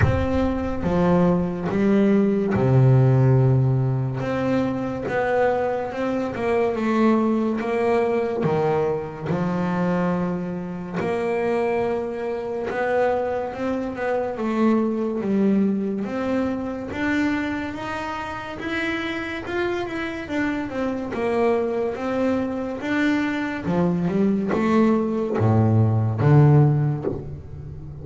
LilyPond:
\new Staff \with { instrumentName = "double bass" } { \time 4/4 \tempo 4 = 71 c'4 f4 g4 c4~ | c4 c'4 b4 c'8 ais8 | a4 ais4 dis4 f4~ | f4 ais2 b4 |
c'8 b8 a4 g4 c'4 | d'4 dis'4 e'4 f'8 e'8 | d'8 c'8 ais4 c'4 d'4 | f8 g8 a4 a,4 d4 | }